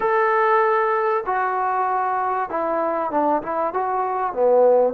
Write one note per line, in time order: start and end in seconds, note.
0.00 1.24 A4
1.25 2.49 F#4
2.49 3.11 E4
3.11 3.42 D4
3.42 3.73 E4
3.73 4.33 F#4
4.33 4.93 B3